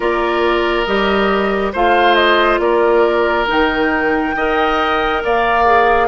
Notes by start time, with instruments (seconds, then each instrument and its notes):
0.00 bassoon A#3, clarinet F4, oboe A#4, flute D5
0.85 bassoon G3, clarinet G4, flute D#5
1.72 bassoon A3, clarinet F4, oboe C5, flute F5
2.14 flute D#5
2.59 bassoon A#3, oboe A#4, flute D5
3.47 bassoon D#3, clarinet D#4, flute G5
4.35 bassoon D#4, clarinet A#4, oboe D#5
5.23 bassoon A#3, oboe D5, flute F5
5.65 clarinet G#4